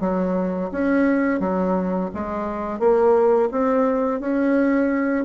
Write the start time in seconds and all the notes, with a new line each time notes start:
0.00 F#3
0.71 C#4
1.40 F#3
2.14 G#3
2.79 A#3
3.51 C4
4.20 C#4